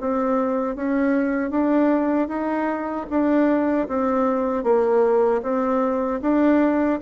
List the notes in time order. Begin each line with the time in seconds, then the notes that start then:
0.00 C4
0.75 C#4
1.50 D4
2.28 D#4
3.10 D4
3.88 C4
4.63 A#3
5.42 C4
6.21 D4